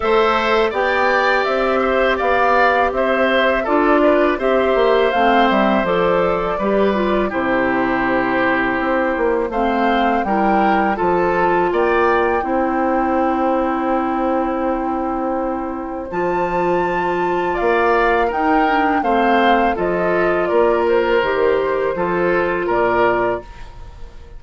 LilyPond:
<<
  \new Staff \with { instrumentName = "flute" } { \time 4/4 \tempo 4 = 82 e''4 g''4 e''4 f''4 | e''4 d''4 e''4 f''8 e''8 | d''2 c''2~ | c''4 f''4 g''4 a''4 |
g''1~ | g''2 a''2 | f''4 g''4 f''4 dis''4 | d''8 c''2~ c''8 d''4 | }
  \new Staff \with { instrumentName = "oboe" } { \time 4/4 c''4 d''4. c''8 d''4 | c''4 a'8 b'8 c''2~ | c''4 b'4 g'2~ | g'4 c''4 ais'4 a'4 |
d''4 c''2.~ | c''1 | d''4 ais'4 c''4 a'4 | ais'2 a'4 ais'4 | }
  \new Staff \with { instrumentName = "clarinet" } { \time 4/4 a'4 g'2.~ | g'4 f'4 g'4 c'4 | a'4 g'8 f'8 e'2~ | e'4 c'4 e'4 f'4~ |
f'4 e'2.~ | e'2 f'2~ | f'4 dis'8 d'8 c'4 f'4~ | f'4 g'4 f'2 | }
  \new Staff \with { instrumentName = "bassoon" } { \time 4/4 a4 b4 c'4 b4 | c'4 d'4 c'8 ais8 a8 g8 | f4 g4 c2 | c'8 ais8 a4 g4 f4 |
ais4 c'2.~ | c'2 f2 | ais4 dis'4 a4 f4 | ais4 dis4 f4 ais,4 | }
>>